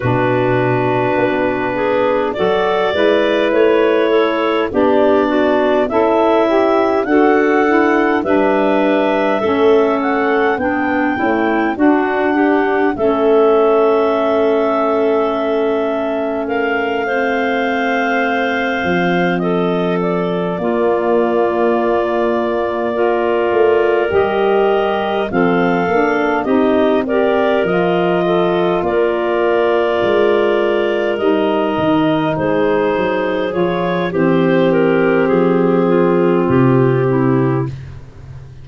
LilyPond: <<
  \new Staff \with { instrumentName = "clarinet" } { \time 4/4 \tempo 4 = 51 b'2 d''4 cis''4 | d''4 e''4 fis''4 e''4~ | e''8 fis''8 g''4 fis''4 e''4~ | e''2 f''2~ |
f''8 dis''8 d''2.~ | d''8 dis''4 f''4 dis''8 d''8 dis''8~ | dis''8 d''2 dis''4 c''8~ | c''8 cis''8 c''8 ais'8 gis'4 g'4 | }
  \new Staff \with { instrumentName = "clarinet" } { \time 4/4 fis'4. gis'8 a'8 b'4 a'8 | g'8 fis'8 e'4 a'4 b'4 | a'4 d'8 e'8 fis'8 g'8 a'4~ | a'2 ais'8 c''4.~ |
c''8 a'4 f'2 ais'8~ | ais'4. a'4 g'8 ais'4 | a'8 ais'2. gis'8~ | gis'4 g'4. f'4 e'8 | }
  \new Staff \with { instrumentName = "saxophone" } { \time 4/4 d'2 fis'8 e'4. | d'4 a'8 g'8 fis'8 e'8 d'4 | cis'4 b8 a8 d'4 cis'4~ | cis'2~ cis'8 c'4.~ |
c'4. ais2 f'8~ | f'8 g'4 c'8 d'8 dis'8 g'8 f'8~ | f'2~ f'8 dis'4.~ | dis'8 f'8 c'2. | }
  \new Staff \with { instrumentName = "tuba" } { \time 4/4 b,4 b4 fis8 gis8 a4 | b4 cis'4 d'4 g4 | a4 b8 cis'8 d'4 a4~ | a1 |
f4. ais2~ ais8 | a8 g4 f8 ais8 c'4 f8~ | f8 ais4 gis4 g8 dis8 gis8 | fis8 f8 e4 f4 c4 | }
>>